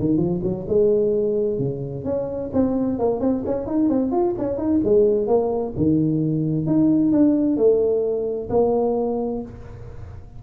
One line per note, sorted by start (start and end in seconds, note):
0.00 0.18 D#3
0.18 0.41 F3
0.43 0.67 F#3
0.68 1.59 G#3
1.59 2.05 C#3
2.05 2.51 C#4
2.54 2.99 C4
2.99 3.21 A#3
3.21 3.44 C4
3.46 3.67 C#4
3.67 3.90 D#4
3.90 4.12 C4
4.12 4.35 F4
4.39 4.58 C#4
4.58 4.81 D#4
4.85 5.28 G#3
5.28 5.74 A#3
5.77 6.67 D#3
6.67 7.13 D#4
7.13 7.58 D4
7.58 8.50 A3
8.50 9.43 A#3